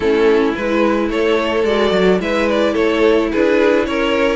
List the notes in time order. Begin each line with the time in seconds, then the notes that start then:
0.00 A3 C#4 E4 A4
0.54 G#3 E4 B4
1.09 A3 A4 C#5
1.64 G#3 F#4 D5
1.91 F#3
2.19 G#3 E4 B4 E5
2.49 D5
2.73 A3 A4 C#5
3.31 D4 G#4 B4
3.85 C#4 A#4 C#5